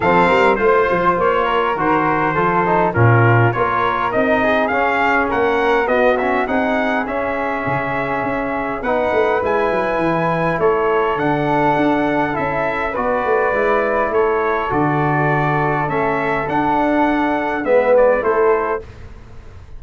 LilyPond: <<
  \new Staff \with { instrumentName = "trumpet" } { \time 4/4 \tempo 4 = 102 f''4 c''4 cis''4 c''4~ | c''4 ais'4 cis''4 dis''4 | f''4 fis''4 dis''8 e''8 fis''4 | e''2. fis''4 |
gis''2 cis''4 fis''4~ | fis''4 e''4 d''2 | cis''4 d''2 e''4 | fis''2 e''8 d''8 c''4 | }
  \new Staff \with { instrumentName = "flute" } { \time 4/4 a'8 ais'8 c''4. ais'4. | a'4 f'4 ais'4. gis'8~ | gis'4 ais'4 fis'4 gis'4~ | gis'2. b'4~ |
b'2 a'2~ | a'2 b'2 | a'1~ | a'2 b'4 a'4 | }
  \new Staff \with { instrumentName = "trombone" } { \time 4/4 c'4 f'2 fis'4 | f'8 dis'8 cis'4 f'4 dis'4 | cis'2 b8 cis'8 dis'4 | cis'2. dis'4 |
e'2. d'4~ | d'4 e'4 fis'4 e'4~ | e'4 fis'2 cis'4 | d'2 b4 e'4 | }
  \new Staff \with { instrumentName = "tuba" } { \time 4/4 f8 g8 a8 f8 ais4 dis4 | f4 ais,4 ais4 c'4 | cis'4 ais4 b4 c'4 | cis'4 cis4 cis'4 b8 a8 |
gis8 fis8 e4 a4 d4 | d'4 cis'4 b8 a8 gis4 | a4 d2 a4 | d'2 gis4 a4 | }
>>